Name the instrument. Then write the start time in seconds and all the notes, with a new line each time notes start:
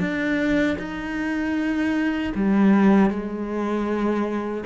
cello
0.00 D4
0.79 D#4
2.35 G3
3.10 G#3